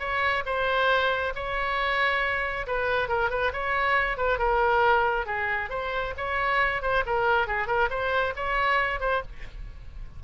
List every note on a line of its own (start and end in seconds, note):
0.00 0.44 C#5
0.46 1.33 C5
1.35 2.67 C#5
2.67 3.09 B4
3.09 3.30 A#4
3.30 3.52 B4
3.53 4.17 C#5
4.17 4.39 B4
4.39 5.26 A#4
5.26 5.70 G#4
5.70 6.14 C5
6.18 6.82 C#5
6.82 7.04 C5
7.06 7.48 A#4
7.48 7.67 G#4
7.67 7.89 A#4
7.90 8.34 C5
8.36 9.00 C#5
9.00 9.22 C5